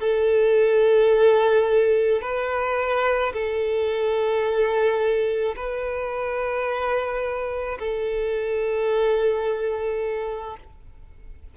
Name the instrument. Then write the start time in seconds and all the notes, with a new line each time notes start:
violin
0.00 A4
2.21 B4
3.33 A4
5.56 B4
7.79 A4